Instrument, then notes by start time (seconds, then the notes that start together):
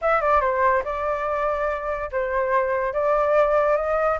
flute
0.01 E5
0.21 D5
0.40 C5
0.84 D5
2.11 C5
2.93 D5
3.76 D#5